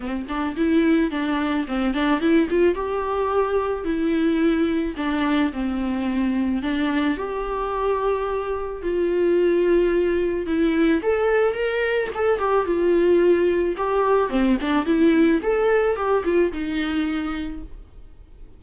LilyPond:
\new Staff \with { instrumentName = "viola" } { \time 4/4 \tempo 4 = 109 c'8 d'8 e'4 d'4 c'8 d'8 | e'8 f'8 g'2 e'4~ | e'4 d'4 c'2 | d'4 g'2. |
f'2. e'4 | a'4 ais'4 a'8 g'8 f'4~ | f'4 g'4 c'8 d'8 e'4 | a'4 g'8 f'8 dis'2 | }